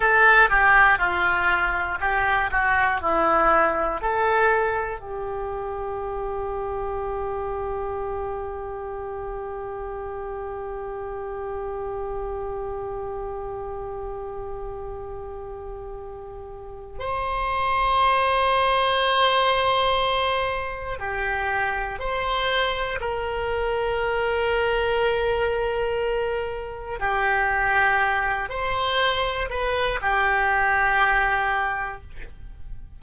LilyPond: \new Staff \with { instrumentName = "oboe" } { \time 4/4 \tempo 4 = 60 a'8 g'8 f'4 g'8 fis'8 e'4 | a'4 g'2.~ | g'1~ | g'1~ |
g'4 c''2.~ | c''4 g'4 c''4 ais'4~ | ais'2. g'4~ | g'8 c''4 b'8 g'2 | }